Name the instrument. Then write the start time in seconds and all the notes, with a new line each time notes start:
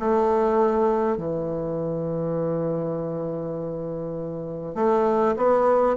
bassoon
0.00 A3
1.18 E3
4.75 A3
5.37 B3